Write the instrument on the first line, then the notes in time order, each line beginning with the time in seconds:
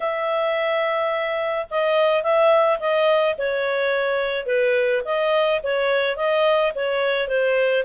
clarinet
0.00 E5
1.70 D#5
2.23 E5
2.79 D#5
3.38 C#5
4.46 B4
5.05 D#5
5.63 C#5
6.16 D#5
6.75 C#5
7.28 C5